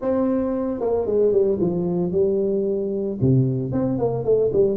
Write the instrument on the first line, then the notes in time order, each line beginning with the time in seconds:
tuba
0.01 C4
0.80 A#3
1.05 G#3
1.32 G3
1.60 F3
2.11 G3
3.21 C3
3.71 C4
3.98 A#3
4.24 A3
4.53 G3